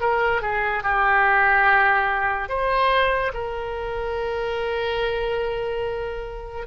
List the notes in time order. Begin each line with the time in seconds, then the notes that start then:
0.00 A#4
0.41 G#4
0.83 G4
2.49 C5
3.33 A#4